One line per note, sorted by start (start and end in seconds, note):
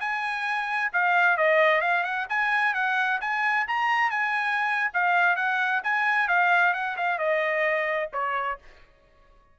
0.00 0.92 G#5
0.93 1.37 F5
1.37 1.81 D#5
1.81 2.04 F5
2.04 2.27 F#5
2.29 2.74 G#5
2.74 3.20 F#5
3.21 3.67 G#5
3.68 4.11 A#5
4.11 4.91 G#5
4.94 5.36 F5
5.36 5.82 F#5
5.84 6.28 G#5
6.28 6.74 F5
6.74 6.97 F#5
6.97 7.19 F5
7.19 8.10 D#5
8.13 8.59 C#5